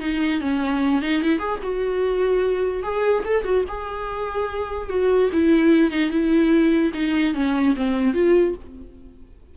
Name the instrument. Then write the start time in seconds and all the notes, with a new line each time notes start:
viola
0.00 D#4
0.41 C#4
1.02 D#4
1.22 E4
1.39 G#4
1.63 F#4
2.83 G#4
3.25 A4
3.44 F#4
3.68 G#4
4.89 F#4
5.33 E4
5.91 D#4
6.10 E4
6.94 D#4
7.34 C#4
7.76 C4
8.14 F4